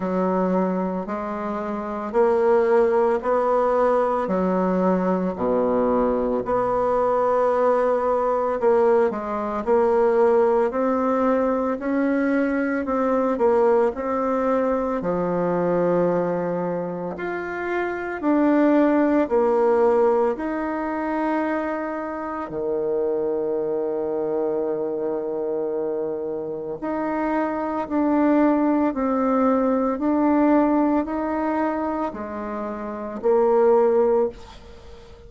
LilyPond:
\new Staff \with { instrumentName = "bassoon" } { \time 4/4 \tempo 4 = 56 fis4 gis4 ais4 b4 | fis4 b,4 b2 | ais8 gis8 ais4 c'4 cis'4 | c'8 ais8 c'4 f2 |
f'4 d'4 ais4 dis'4~ | dis'4 dis2.~ | dis4 dis'4 d'4 c'4 | d'4 dis'4 gis4 ais4 | }